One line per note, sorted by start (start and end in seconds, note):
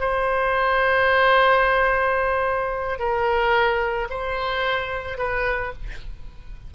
0.00 2.99 C5
2.99 4.08 A#4
4.10 5.18 C5
5.18 5.73 B4